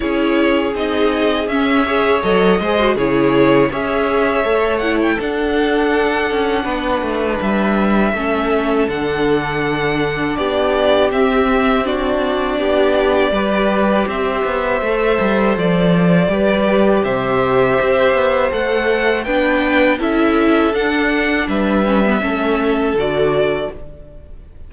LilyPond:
<<
  \new Staff \with { instrumentName = "violin" } { \time 4/4 \tempo 4 = 81 cis''4 dis''4 e''4 dis''4 | cis''4 e''4. fis''16 g''16 fis''4~ | fis''2 e''2 | fis''2 d''4 e''4 |
d''2. e''4~ | e''4 d''2 e''4~ | e''4 fis''4 g''4 e''4 | fis''4 e''2 d''4 | }
  \new Staff \with { instrumentName = "violin" } { \time 4/4 gis'2~ gis'8 cis''4 c''8 | gis'4 cis''2 a'4~ | a'4 b'2 a'4~ | a'2 g'2 |
fis'4 g'4 b'4 c''4~ | c''2 b'4 c''4~ | c''2 b'4 a'4~ | a'4 b'4 a'2 | }
  \new Staff \with { instrumentName = "viola" } { \time 4/4 e'4 dis'4 cis'8 gis'8 a'8 gis'16 fis'16 | e'4 gis'4 a'8 e'8 d'4~ | d'2. cis'4 | d'2. c'4 |
d'2 g'2 | a'2 g'2~ | g'4 a'4 d'4 e'4 | d'4. cis'16 b16 cis'4 fis'4 | }
  \new Staff \with { instrumentName = "cello" } { \time 4/4 cis'4 c'4 cis'4 fis8 gis8 | cis4 cis'4 a4 d'4~ | d'8 cis'8 b8 a8 g4 a4 | d2 b4 c'4~ |
c'4 b4 g4 c'8 b8 | a8 g8 f4 g4 c4 | c'8 b8 a4 b4 cis'4 | d'4 g4 a4 d4 | }
>>